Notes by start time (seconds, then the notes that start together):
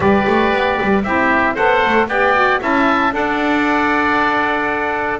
0.00 G3 G4 B4 D5
0.27 A3
0.52 B3
0.81 G3
1.03 C4 E4 G4 E5
1.54 B3 A4 C5 F#5
1.85 A3
2.07 B3 G4 D5 G5
2.33 F#4
2.59 C#4 E4 E5 A5
3.12 D4 A4 D5 F#5